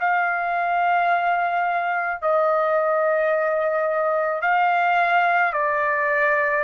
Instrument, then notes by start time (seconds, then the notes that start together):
trumpet
0.00 F5
2.22 D#5
4.42 F5
5.53 D5